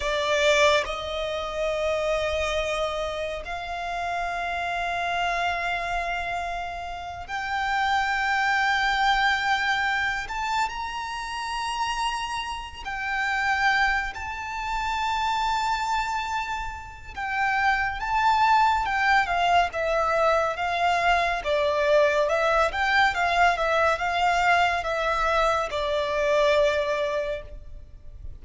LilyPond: \new Staff \with { instrumentName = "violin" } { \time 4/4 \tempo 4 = 70 d''4 dis''2. | f''1~ | f''8 g''2.~ g''8 | a''8 ais''2~ ais''8 g''4~ |
g''8 a''2.~ a''8 | g''4 a''4 g''8 f''8 e''4 | f''4 d''4 e''8 g''8 f''8 e''8 | f''4 e''4 d''2 | }